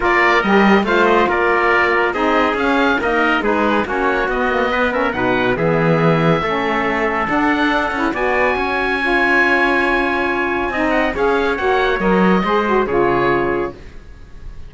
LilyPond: <<
  \new Staff \with { instrumentName = "oboe" } { \time 4/4 \tempo 4 = 140 d''4 dis''4 f''8 dis''8 d''4~ | d''4 dis''4 f''4 dis''4 | b'4 cis''4 dis''4. e''8 | fis''4 e''2.~ |
e''4 fis''2 gis''4~ | gis''1~ | gis''4. fis''8 f''4 fis''4 | dis''2 cis''2 | }
  \new Staff \with { instrumentName = "trumpet" } { \time 4/4 ais'2 c''4 ais'4~ | ais'4 gis'2 ais'4 | gis'4 fis'2 b'8 ais'8 | b'4 gis'2 a'4~ |
a'2. d''4 | cis''1~ | cis''4 dis''4 cis''2~ | cis''4 c''4 gis'2 | }
  \new Staff \with { instrumentName = "saxophone" } { \time 4/4 f'4 g'4 f'2~ | f'4 dis'4 cis'4 ais4 | dis'4 cis'4 b8 ais8 b8 cis'8 | dis'4 b2 cis'4~ |
cis'4 d'4. e'8 fis'4~ | fis'4 f'2.~ | f'4 dis'4 gis'4 fis'4 | ais'4 gis'8 fis'8 f'2 | }
  \new Staff \with { instrumentName = "cello" } { \time 4/4 ais4 g4 a4 ais4~ | ais4 c'4 cis'4 dis'4 | gis4 ais4 b2 | b,4 e2 a4~ |
a4 d'4. cis'8 b4 | cis'1~ | cis'4 c'4 cis'4 ais4 | fis4 gis4 cis2 | }
>>